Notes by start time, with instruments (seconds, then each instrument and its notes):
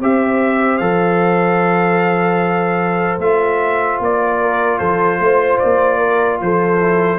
0.00 tuba C4, trombone G4, horn C5, trumpet E5
0.78 tuba F3, trombone A4, trumpet F5
3.18 tuba A3, trombone F4, trumpet E5
3.99 tuba A#3, trumpet D5
4.40 horn A#4
4.78 tuba F3, horn A4, trumpet C5
5.19 tuba A3, horn C5
5.59 tuba A#3, trumpet D5
5.98 horn A#4
6.41 tuba F3, horn A4, trumpet C5
6.80 trombone E4